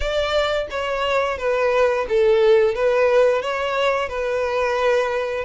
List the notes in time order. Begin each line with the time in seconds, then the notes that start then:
0.00 D5
0.70 C#5
1.38 B4
2.09 A4
2.74 B4
3.42 C#5
4.08 B4